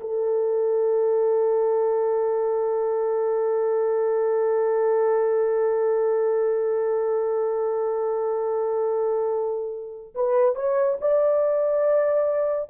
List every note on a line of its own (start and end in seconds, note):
0.00 10.14 A4
10.14 10.55 B4
10.55 10.97 C#5
11.01 12.69 D5